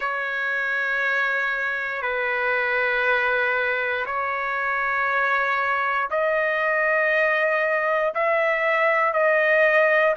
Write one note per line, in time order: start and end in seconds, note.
0.00 2.02 C#5
2.02 4.05 B4
4.05 6.09 C#5
6.10 8.14 D#5
8.14 9.13 E5
9.13 10.15 D#5